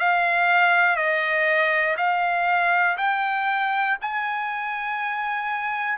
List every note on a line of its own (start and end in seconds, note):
0.00 0.97 F5
0.97 1.97 D#5
1.98 2.98 F5
2.98 3.98 G5
4.02 5.98 G#5